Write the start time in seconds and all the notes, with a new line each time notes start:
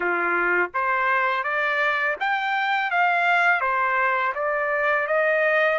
0.00 F4
0.74 C5
1.43 D5
2.19 G5
2.90 F5
3.60 C5
4.34 D5
5.07 D#5